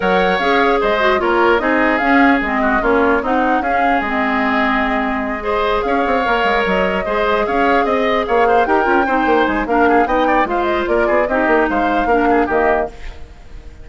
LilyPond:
<<
  \new Staff \with { instrumentName = "flute" } { \time 4/4 \tempo 4 = 149 fis''4 f''4 dis''4 cis''4 | dis''4 f''4 dis''4 cis''4 | fis''4 f''4 dis''2~ | dis''2~ dis''8 f''4.~ |
f''8 dis''2 f''4 dis''8~ | dis''8 f''4 g''2 gis''8 | f''4 g''4 f''8 dis''8 d''4 | dis''4 f''2 dis''4 | }
  \new Staff \with { instrumentName = "oboe" } { \time 4/4 cis''2 c''4 ais'4 | gis'2~ gis'8 fis'8 f'4 | dis'4 gis'2.~ | gis'4. c''4 cis''4.~ |
cis''4. c''4 cis''4 dis''8~ | dis''8 cis''8 c''8 ais'4 c''4. | ais'8 gis'8 dis''8 d''8 c''4 ais'8 gis'8 | g'4 c''4 ais'8 gis'8 g'4 | }
  \new Staff \with { instrumentName = "clarinet" } { \time 4/4 ais'4 gis'4. fis'8 f'4 | dis'4 cis'4 c'4 cis'4 | dis'4 cis'4 c'2~ | c'4. gis'2 ais'8~ |
ais'4. gis'2~ gis'8~ | gis'4. g'8 f'8 dis'4. | d'4 dis'4 f'2 | dis'2 d'4 ais4 | }
  \new Staff \with { instrumentName = "bassoon" } { \time 4/4 fis4 cis'4 gis4 ais4 | c'4 cis'4 gis4 ais4 | c'4 cis'4 gis2~ | gis2~ gis8 cis'8 c'8 ais8 |
gis8 fis4 gis4 cis'4 c'8~ | c'8 ais4 dis'8 cis'8 c'8 ais8 gis8 | ais4 b4 gis4 ais8 b8 | c'8 ais8 gis4 ais4 dis4 | }
>>